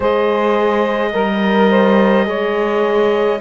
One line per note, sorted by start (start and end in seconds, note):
0.00 1.13 G#3
0.00 1.13 G#4
0.00 1.11 C5
0.00 3.40 D#5
1.13 2.26 G3
1.13 1.69 A#4
1.13 2.25 A#4
1.69 2.26 C5
2.25 3.39 G#3
2.25 3.38 G#4
2.25 3.40 C#5